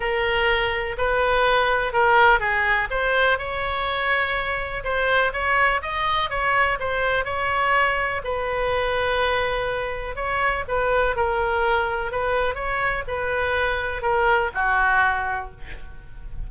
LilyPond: \new Staff \with { instrumentName = "oboe" } { \time 4/4 \tempo 4 = 124 ais'2 b'2 | ais'4 gis'4 c''4 cis''4~ | cis''2 c''4 cis''4 | dis''4 cis''4 c''4 cis''4~ |
cis''4 b'2.~ | b'4 cis''4 b'4 ais'4~ | ais'4 b'4 cis''4 b'4~ | b'4 ais'4 fis'2 | }